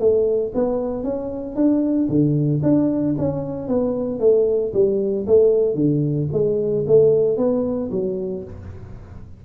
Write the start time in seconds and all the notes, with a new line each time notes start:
0.00 A3
0.55 B3
1.04 C#4
1.56 D4
2.09 D3
2.63 D4
3.19 C#4
3.68 B3
4.20 A3
4.74 G3
5.27 A3
5.75 D3
6.33 G#3
6.88 A3
7.38 B3
7.92 F#3